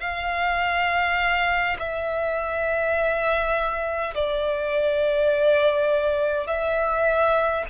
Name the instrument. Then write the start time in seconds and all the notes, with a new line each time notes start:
violin
0.00 F5
1.79 E5
4.14 D5
6.47 E5